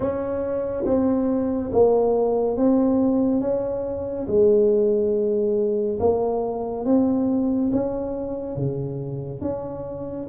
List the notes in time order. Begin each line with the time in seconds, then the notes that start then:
0.00 C#4
0.85 C4
1.71 A#3
2.56 C4
3.41 C#4
4.27 G#3
5.99 A#3
6.85 C4
7.72 C#4
8.56 C#3
9.41 C#4